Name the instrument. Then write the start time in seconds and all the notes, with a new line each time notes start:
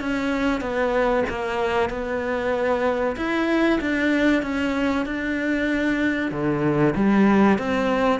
cello
0.00 C#4
0.61 B3
1.29 A#3
1.89 B3
3.16 E4
3.80 D4
4.42 C#4
5.05 D4
6.31 D3
6.95 G3
7.58 C4